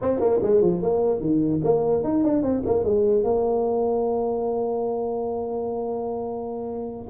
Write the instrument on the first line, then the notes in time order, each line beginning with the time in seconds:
tuba
0.01 C4
0.20 A#3
0.42 G#3
0.61 F3
0.81 A#3
1.20 D#3
1.64 A#3
2.03 D#4
2.24 D4
2.42 C4
2.65 A#3
2.84 G#3
3.23 A#3